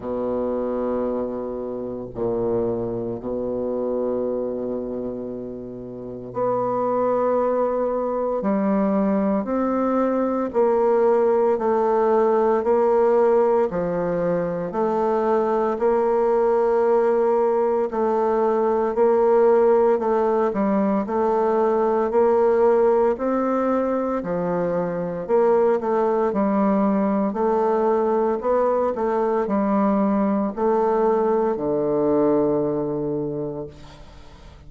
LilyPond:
\new Staff \with { instrumentName = "bassoon" } { \time 4/4 \tempo 4 = 57 b,2 ais,4 b,4~ | b,2 b2 | g4 c'4 ais4 a4 | ais4 f4 a4 ais4~ |
ais4 a4 ais4 a8 g8 | a4 ais4 c'4 f4 | ais8 a8 g4 a4 b8 a8 | g4 a4 d2 | }